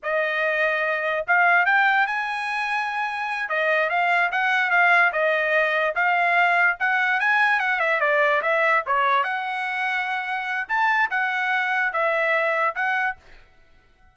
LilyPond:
\new Staff \with { instrumentName = "trumpet" } { \time 4/4 \tempo 4 = 146 dis''2. f''4 | g''4 gis''2.~ | gis''8 dis''4 f''4 fis''4 f''8~ | f''8 dis''2 f''4.~ |
f''8 fis''4 gis''4 fis''8 e''8 d''8~ | d''8 e''4 cis''4 fis''4.~ | fis''2 a''4 fis''4~ | fis''4 e''2 fis''4 | }